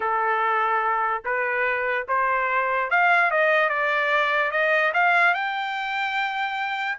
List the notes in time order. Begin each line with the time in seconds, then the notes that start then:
0.00 A4
1.24 B4
2.08 C5
2.90 F5
3.30 D#5
3.69 D5
4.51 D#5
4.93 F5
5.33 G5